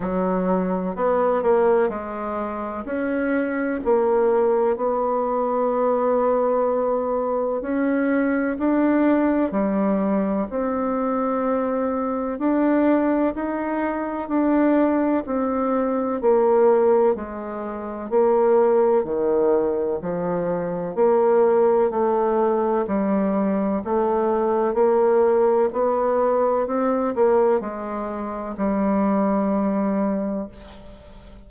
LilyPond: \new Staff \with { instrumentName = "bassoon" } { \time 4/4 \tempo 4 = 63 fis4 b8 ais8 gis4 cis'4 | ais4 b2. | cis'4 d'4 g4 c'4~ | c'4 d'4 dis'4 d'4 |
c'4 ais4 gis4 ais4 | dis4 f4 ais4 a4 | g4 a4 ais4 b4 | c'8 ais8 gis4 g2 | }